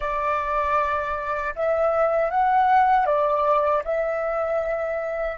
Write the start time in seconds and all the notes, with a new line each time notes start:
0.00 D5
1.55 E5
2.30 F#5
3.06 D5
3.84 E5